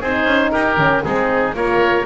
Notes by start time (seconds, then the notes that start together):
0.00 C4 D#4 G#4 C5
0.25 C#4
0.51 D#4 G4 A#4
0.76 D#3 C#4
1.03 G#3 C4 D#4 G#4
1.54 A#3 F4 A#4 C#5